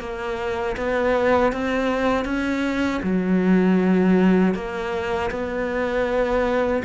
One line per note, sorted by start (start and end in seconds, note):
0.00 0.76 A#3
0.77 1.52 B3
1.52 2.25 C4
2.25 3.01 C#4
3.03 4.54 F#3
4.54 5.30 A#3
5.31 6.83 B3